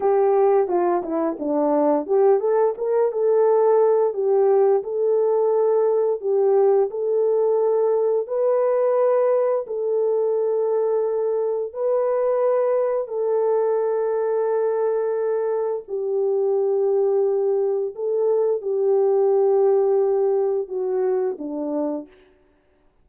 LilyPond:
\new Staff \with { instrumentName = "horn" } { \time 4/4 \tempo 4 = 87 g'4 f'8 e'8 d'4 g'8 a'8 | ais'8 a'4. g'4 a'4~ | a'4 g'4 a'2 | b'2 a'2~ |
a'4 b'2 a'4~ | a'2. g'4~ | g'2 a'4 g'4~ | g'2 fis'4 d'4 | }